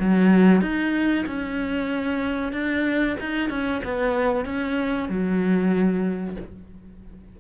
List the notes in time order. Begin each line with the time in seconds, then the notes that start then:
0.00 F#3
0.62 D#4
1.27 C#4
2.53 D4
3.20 D#4
3.50 C#4
3.84 B3
4.46 C#4
5.09 F#3